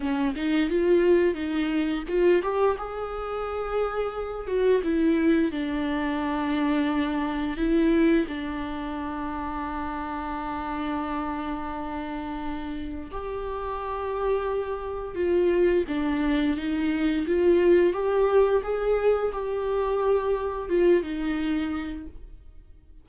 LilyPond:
\new Staff \with { instrumentName = "viola" } { \time 4/4 \tempo 4 = 87 cis'8 dis'8 f'4 dis'4 f'8 g'8 | gis'2~ gis'8 fis'8 e'4 | d'2. e'4 | d'1~ |
d'2. g'4~ | g'2 f'4 d'4 | dis'4 f'4 g'4 gis'4 | g'2 f'8 dis'4. | }